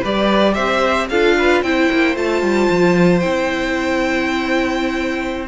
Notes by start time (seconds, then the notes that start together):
0.00 G3 G4 B4 D5
0.54 C4 C5 E5
1.09 D4 F4 A4 F5
1.38 B4
1.62 C4 E4 C5 G5
1.92 A#3
2.15 A3 F4 A5
2.42 G3
2.70 F3
3.20 C4 E4 G5